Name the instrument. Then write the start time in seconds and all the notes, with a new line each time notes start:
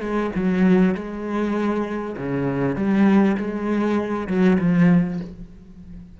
cello
0.00 G#3
0.35 F#3
0.94 G#3
2.17 C#3
2.76 G3
3.37 G#3
4.27 F#3
4.59 F3